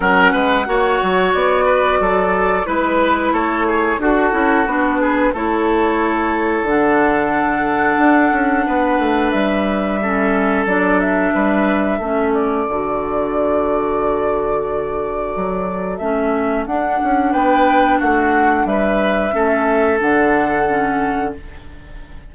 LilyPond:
<<
  \new Staff \with { instrumentName = "flute" } { \time 4/4 \tempo 4 = 90 fis''2 d''2 | b'4 cis''4 a'4 b'4 | cis''2 fis''2~ | fis''2 e''2 |
d''8 e''2 d''4.~ | d''1 | e''4 fis''4 g''4 fis''4 | e''2 fis''2 | }
  \new Staff \with { instrumentName = "oboe" } { \time 4/4 ais'8 b'8 cis''4. b'8 a'4 | b'4 a'8 gis'8 fis'4. gis'8 | a'1~ | a'4 b'2 a'4~ |
a'4 b'4 a'2~ | a'1~ | a'2 b'4 fis'4 | b'4 a'2. | }
  \new Staff \with { instrumentName = "clarinet" } { \time 4/4 cis'4 fis'2. | e'2 fis'8 e'8 d'4 | e'2 d'2~ | d'2. cis'4 |
d'2 cis'4 fis'4~ | fis'1 | cis'4 d'2.~ | d'4 cis'4 d'4 cis'4 | }
  \new Staff \with { instrumentName = "bassoon" } { \time 4/4 fis8 gis8 ais8 fis8 b4 fis4 | gis4 a4 d'8 cis'8 b4 | a2 d2 | d'8 cis'8 b8 a8 g2 |
fis4 g4 a4 d4~ | d2. fis4 | a4 d'8 cis'8 b4 a4 | g4 a4 d2 | }
>>